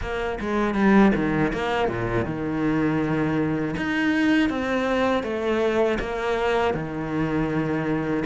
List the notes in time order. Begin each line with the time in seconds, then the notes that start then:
0.01 A#3
0.40 G#3
0.74 G3
1.15 D#3
1.52 A#3
1.88 A#2
2.25 D#3
3.76 D#4
4.49 C4
5.23 A3
5.99 A#3
6.73 D#3